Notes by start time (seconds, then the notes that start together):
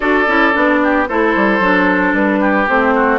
0.00 D4 F#4 A4 D5
0.27 C#4 E4
0.53 B3 D4
0.83 G4
1.07 A3 E4 A4 C5
1.35 G3
1.59 F#3 D4
2.13 G3 B4
2.40 G4
2.68 A3 C4 C5
2.95 F#4